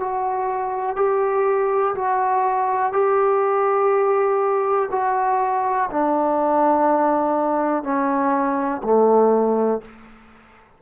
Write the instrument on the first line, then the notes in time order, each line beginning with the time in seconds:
trombone
0.00 F#4
0.97 G4
1.95 F#4
2.93 G4
4.91 F#4
5.91 D4
7.83 C#4
8.83 A3